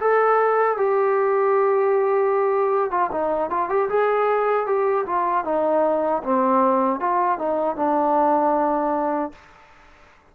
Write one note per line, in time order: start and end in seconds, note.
0.00 0.77 A4
0.77 2.91 G4
2.91 3.10 F4
3.11 3.50 D#4
3.50 3.69 F4
3.69 3.88 G4
3.89 4.66 G#4
4.66 5.05 G4
5.06 5.44 F4
5.44 6.22 D#4
6.23 7.00 C4
7.00 7.38 F4
7.38 7.76 D#4
7.76 9.32 D4